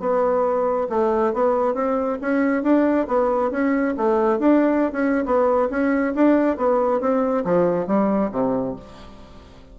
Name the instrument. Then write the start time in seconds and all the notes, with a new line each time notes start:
bassoon
0.00 B3
0.90 A3
1.34 B3
1.75 C4
2.22 C#4
2.63 D4
3.08 B3
3.51 C#4
3.97 A3
4.39 D4
4.92 C#4
5.26 B3
5.71 C#4
6.15 D4
6.57 B3
7.01 C4
7.45 F3
7.87 G3
8.32 C3